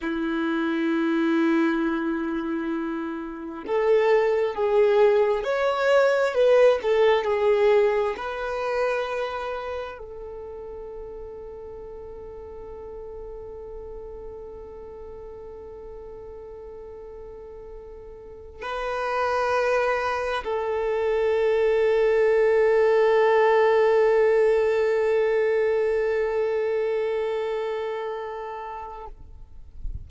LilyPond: \new Staff \with { instrumentName = "violin" } { \time 4/4 \tempo 4 = 66 e'1 | a'4 gis'4 cis''4 b'8 a'8 | gis'4 b'2 a'4~ | a'1~ |
a'1~ | a'8 b'2 a'4.~ | a'1~ | a'1 | }